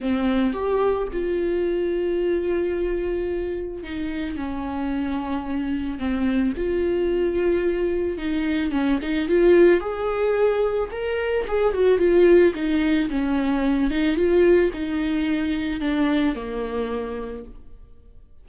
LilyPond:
\new Staff \with { instrumentName = "viola" } { \time 4/4 \tempo 4 = 110 c'4 g'4 f'2~ | f'2. dis'4 | cis'2. c'4 | f'2. dis'4 |
cis'8 dis'8 f'4 gis'2 | ais'4 gis'8 fis'8 f'4 dis'4 | cis'4. dis'8 f'4 dis'4~ | dis'4 d'4 ais2 | }